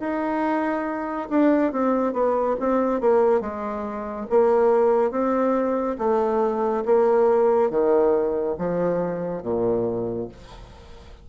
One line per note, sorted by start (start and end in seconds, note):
0.00 1.29 D#4
1.30 1.73 D4
1.73 2.14 C4
2.14 2.56 B3
2.60 3.01 C4
3.01 3.41 A#3
3.41 4.27 G#3
4.30 5.11 A#3
5.11 5.97 C4
5.98 6.84 A3
6.86 7.70 A#3
7.70 8.56 D#3
8.59 9.43 F3
9.43 10.29 A#2